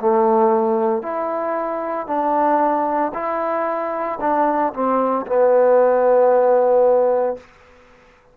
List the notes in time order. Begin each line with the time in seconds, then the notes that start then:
0.00 A3
1.02 E4
2.07 D4
3.14 E4
4.21 D4
4.73 C4
5.27 B3